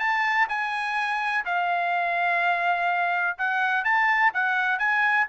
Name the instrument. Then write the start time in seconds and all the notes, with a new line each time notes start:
trumpet
0.00 A5
0.49 G#5
1.46 F5
3.38 F#5
3.85 A5
4.34 F#5
4.79 G#5